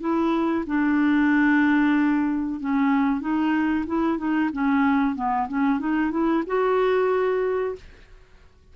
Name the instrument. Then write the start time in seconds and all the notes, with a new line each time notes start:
clarinet
0.00 E4
0.67 D4
2.60 C#4
3.21 D#4
3.87 E4
4.18 D#4
4.52 C#4
5.16 B3
5.48 C#4
5.79 D#4
6.11 E4
6.47 F#4